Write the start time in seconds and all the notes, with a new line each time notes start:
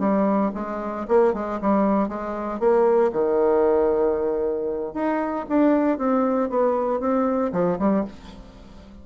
0.00 G3
0.55 G#3
1.08 A#3
1.34 G#3
1.62 G3
2.09 G#3
2.60 A#3
3.13 D#3
4.94 D#4
5.49 D4
5.98 C4
6.50 B3
7.01 C4
7.53 F3
7.79 G3